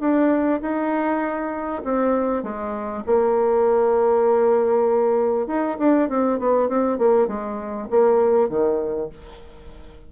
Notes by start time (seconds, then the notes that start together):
0.00 D4
0.61 D#4
1.84 C4
2.43 G#3
3.06 A#3
5.47 D#4
5.79 D4
6.09 C4
6.39 B3
6.69 C4
6.98 A#3
7.27 G#3
7.90 A#3
8.49 D#3